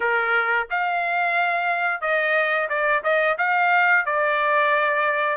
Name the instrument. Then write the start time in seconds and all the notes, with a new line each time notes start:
trumpet
0.00 A#4
0.70 F5
2.01 D#5
2.69 D5
3.03 D#5
3.38 F5
4.05 D5